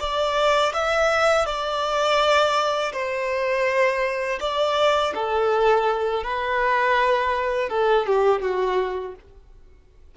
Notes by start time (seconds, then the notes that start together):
0.00 D5
0.74 E5
1.46 D5
2.93 C5
4.41 D5
5.15 A4
6.24 B4
7.70 A4
8.07 G4
8.42 F#4